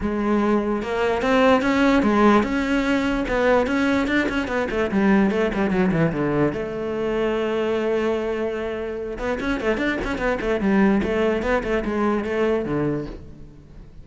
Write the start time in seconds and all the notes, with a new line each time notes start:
0.01 G#3
0.82 A#3
1.22 C4
1.62 C#4
2.02 G#3
2.43 C#4
3.28 B3
3.66 C#4
4.07 D4
4.28 C#4
4.47 B3
4.70 A3
4.91 G3
5.31 A3
5.53 G3
5.70 F#3
5.91 E3
6.12 D3
6.53 A3
9.18 B3
9.40 C#4
9.60 A3
9.77 D4
10.04 C#4
10.17 B3
10.40 A3
10.60 G3
11.03 A3
11.42 B3
11.63 A3
11.84 G#3
12.24 A3
12.65 D3